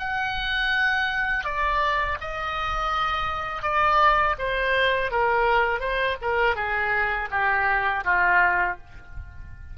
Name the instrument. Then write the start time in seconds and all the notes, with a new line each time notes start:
oboe
0.00 F#5
1.45 D5
2.21 D#5
3.63 D5
4.39 C5
5.12 A#4
5.80 C5
6.22 A#4
6.56 G#4
7.31 G4
8.05 F4